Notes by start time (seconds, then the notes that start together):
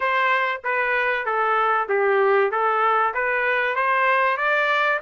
0.00 C5
0.64 B4
1.25 A4
1.88 G4
2.51 A4
3.14 B4
3.75 C5
4.37 D5